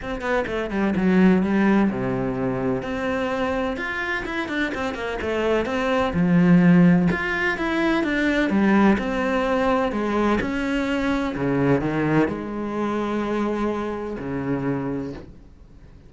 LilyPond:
\new Staff \with { instrumentName = "cello" } { \time 4/4 \tempo 4 = 127 c'8 b8 a8 g8 fis4 g4 | c2 c'2 | f'4 e'8 d'8 c'8 ais8 a4 | c'4 f2 f'4 |
e'4 d'4 g4 c'4~ | c'4 gis4 cis'2 | cis4 dis4 gis2~ | gis2 cis2 | }